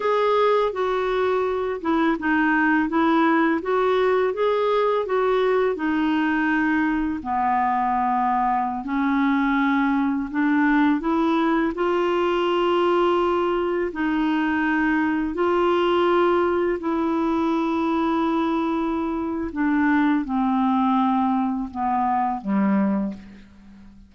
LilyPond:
\new Staff \with { instrumentName = "clarinet" } { \time 4/4 \tempo 4 = 83 gis'4 fis'4. e'8 dis'4 | e'4 fis'4 gis'4 fis'4 | dis'2 b2~ | b16 cis'2 d'4 e'8.~ |
e'16 f'2. dis'8.~ | dis'4~ dis'16 f'2 e'8.~ | e'2. d'4 | c'2 b4 g4 | }